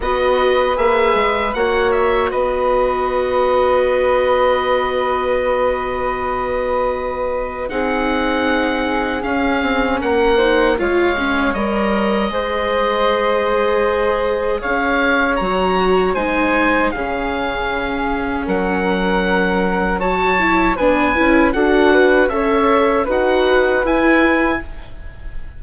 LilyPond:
<<
  \new Staff \with { instrumentName = "oboe" } { \time 4/4 \tempo 4 = 78 dis''4 e''4 fis''8 e''8 dis''4~ | dis''1~ | dis''2 fis''2 | f''4 fis''4 f''4 dis''4~ |
dis''2. f''4 | ais''4 gis''4 f''2 | fis''2 a''4 gis''4 | fis''4 e''4 fis''4 gis''4 | }
  \new Staff \with { instrumentName = "flute" } { \time 4/4 b'2 cis''4 b'4~ | b'1~ | b'2 gis'2~ | gis'4 ais'8 c''8 cis''2 |
c''2. cis''4~ | cis''4 c''4 gis'2 | ais'2 cis''4 b'4 | a'8 b'8 cis''4 b'2 | }
  \new Staff \with { instrumentName = "viola" } { \time 4/4 fis'4 gis'4 fis'2~ | fis'1~ | fis'2 dis'2 | cis'4. dis'8 f'8 cis'8 ais'4 |
gis'1 | fis'4 dis'4 cis'2~ | cis'2 fis'8 e'8 d'8 e'8 | fis'4 a'4 fis'4 e'4 | }
  \new Staff \with { instrumentName = "bassoon" } { \time 4/4 b4 ais8 gis8 ais4 b4~ | b1~ | b2 c'2 | cis'8 c'8 ais4 gis4 g4 |
gis2. cis'4 | fis4 gis4 cis2 | fis2. b8 cis'8 | d'4 cis'4 dis'4 e'4 | }
>>